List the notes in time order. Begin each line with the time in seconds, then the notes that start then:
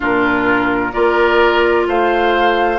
0.00 A#2 D4 F4 A#4
0.92 A#3 F4 A#4 D5
1.87 A3 C5 F5